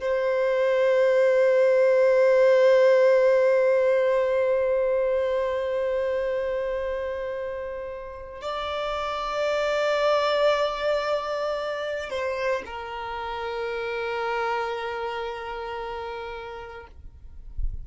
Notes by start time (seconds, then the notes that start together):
0.00 C5
8.42 D5
12.10 C5
12.66 A#4